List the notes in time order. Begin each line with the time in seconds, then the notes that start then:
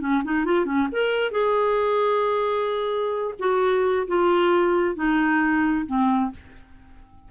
0.00 C#4
0.24 D#4
0.45 F4
0.65 C#4
0.92 A#4
1.31 G#4
3.39 F#4
4.07 F4
4.95 D#4
5.86 C4